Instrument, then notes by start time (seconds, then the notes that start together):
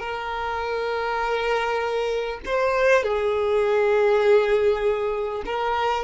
violin
0.00 A#4
2.46 C5
3.03 G#4
5.46 A#4